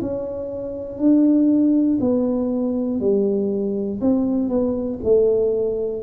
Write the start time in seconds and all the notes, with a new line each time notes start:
0.00 C#4
0.98 D4
2.00 B3
3.00 G3
4.00 C4
4.48 B3
5.03 A3